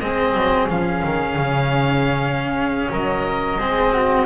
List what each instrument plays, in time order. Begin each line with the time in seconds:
0.00 double bass G#3, cello C4, flute G#4, oboe D#5
0.34 double bass F#3
0.69 double bass F3, cello C#4, oboe F5
1.04 double bass D#3
1.36 double bass C#3
2.91 double bass F#3, flute A#4, oboe D#5
3.59 double bass G#3, cello C4, flute G#4
3.93 flute F#4